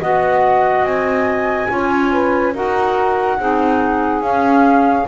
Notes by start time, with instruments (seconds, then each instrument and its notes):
0.00 double bass B3, clarinet F#4, saxophone D#5, flute F#5
0.83 double bass C4, flute G#5
1.69 double bass C#4, clarinet F4, saxophone C#5
2.12 saxophone B4
2.53 double bass D#4, clarinet F#4, saxophone A#4, flute F#5
3.39 double bass C4, clarinet D#4, saxophone G#4
4.20 double bass C#4, clarinet C#4, flute F5